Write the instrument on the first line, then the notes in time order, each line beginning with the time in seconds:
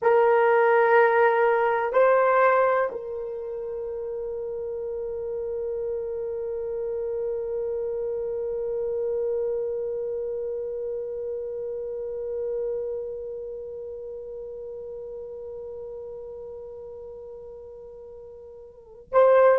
horn
0.02 A#4
1.92 C5
2.91 A#4
19.11 C5